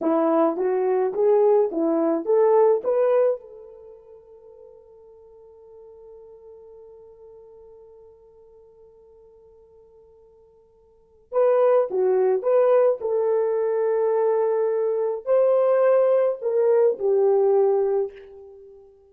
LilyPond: \new Staff \with { instrumentName = "horn" } { \time 4/4 \tempo 4 = 106 e'4 fis'4 gis'4 e'4 | a'4 b'4 a'2~ | a'1~ | a'1~ |
a'1 | b'4 fis'4 b'4 a'4~ | a'2. c''4~ | c''4 ais'4 g'2 | }